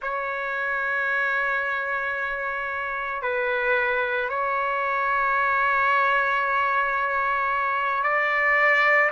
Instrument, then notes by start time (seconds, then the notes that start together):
trumpet
0.01 C#5
3.21 B4
4.29 C#5
8.03 D5